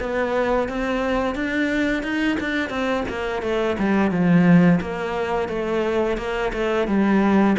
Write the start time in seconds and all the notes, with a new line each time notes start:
0.00 B3
0.69 C4
1.35 D4
2.03 D#4
2.40 D4
2.70 C4
3.09 A#3
3.43 A3
3.79 G3
4.11 F3
4.81 A#3
5.49 A3
6.18 A#3
6.53 A3
6.88 G3